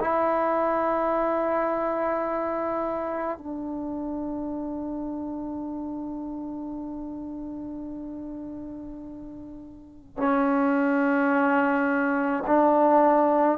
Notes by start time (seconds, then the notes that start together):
0.00 E4
3.38 D4
10.17 C#4
12.47 D4